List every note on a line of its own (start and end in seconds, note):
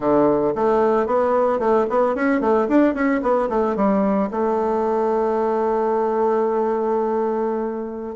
0.00 0.53 D3
0.55 1.06 A3
1.06 1.59 B3
1.59 1.86 A3
1.89 2.15 B3
2.15 2.40 C#4
2.40 2.67 A3
2.68 2.94 D4
2.94 3.21 C#4
3.21 3.48 B3
3.49 3.75 A3
3.76 4.29 G3
4.30 8.15 A3